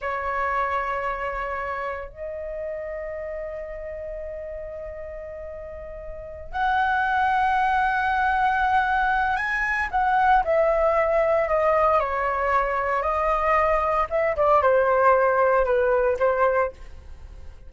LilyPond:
\new Staff \with { instrumentName = "flute" } { \time 4/4 \tempo 4 = 115 cis''1 | dis''1~ | dis''1~ | dis''8 fis''2.~ fis''8~ |
fis''2 gis''4 fis''4 | e''2 dis''4 cis''4~ | cis''4 dis''2 e''8 d''8 | c''2 b'4 c''4 | }